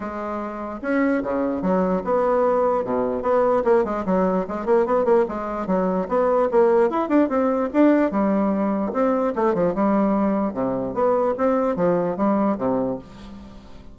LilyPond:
\new Staff \with { instrumentName = "bassoon" } { \time 4/4 \tempo 4 = 148 gis2 cis'4 cis4 | fis4 b2 b,4 | b4 ais8 gis8 fis4 gis8 ais8 | b8 ais8 gis4 fis4 b4 |
ais4 e'8 d'8 c'4 d'4 | g2 c'4 a8 f8 | g2 c4 b4 | c'4 f4 g4 c4 | }